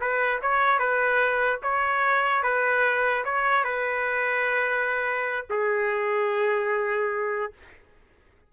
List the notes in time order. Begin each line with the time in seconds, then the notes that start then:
0.00 B4
0.41 C#5
0.79 B4
1.62 C#5
2.43 B4
3.24 C#5
3.64 B4
5.50 G#4